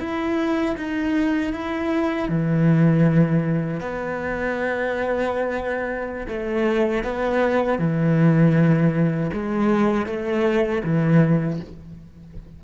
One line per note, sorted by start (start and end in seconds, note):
0.00 0.76 E4
0.77 1.53 D#4
1.53 2.29 E4
2.29 3.80 E3
3.80 6.27 B3
6.28 7.04 A3
7.04 7.79 B3
7.79 9.31 E3
9.33 10.06 G#3
10.06 10.82 A3
10.84 11.60 E3